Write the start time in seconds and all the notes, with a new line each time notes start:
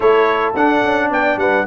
0.00 A3 E4 A4 C#5
0.55 D4 F#5
0.83 C#4
1.09 B3 D5 G5
1.36 G3 B4 F#5